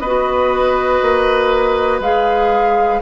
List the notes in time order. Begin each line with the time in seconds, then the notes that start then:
0.00 B3 B4 D#5
0.06 F#4
1.02 A#3
2.00 G#3 G#4 F5